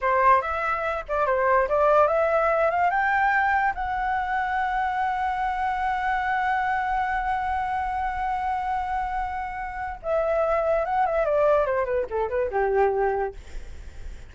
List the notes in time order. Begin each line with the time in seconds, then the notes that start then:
0.01 C5
0.41 E5
1.08 D5
1.26 C5
1.68 D5
2.07 E5
2.70 F5
2.90 G5
3.75 F#5
10.02 E5
10.85 F#5
11.05 E5
11.25 D5
11.66 C5
11.85 B4
12.10 A4
12.29 B4
12.51 G4